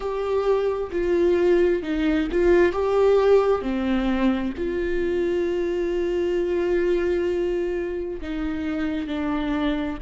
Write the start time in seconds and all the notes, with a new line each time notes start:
0.00 G4
0.91 F4
1.82 D#4
2.31 F4
2.72 G4
3.61 C4
4.57 F4
8.21 D#4
9.07 D4